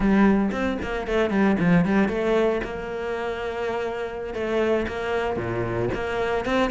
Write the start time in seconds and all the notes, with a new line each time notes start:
0.00 G3
0.51 C4
0.82 A#3
1.07 A3
1.30 G3
1.59 F3
1.85 G3
2.08 A3
2.63 A#3
4.33 A3
4.87 A#3
5.36 A#2
5.93 A#3
6.45 C4